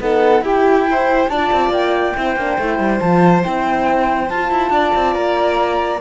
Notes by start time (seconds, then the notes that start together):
0.00 B3 D#4 A4 F#5
0.41 E4 G4 G5
0.90 C5
1.28 D4 F4 D5 A5
1.52 C4
1.69 A#3 G5
2.15 C4 E4 C5
2.36 A#3 D4
2.58 A3 E4
2.79 G3
3.00 F3 F4 A5
3.42 C4 E4 G5
4.29 F4 A5
4.51 E4
4.70 D4 D5
4.95 C4
5.14 A#3 A#5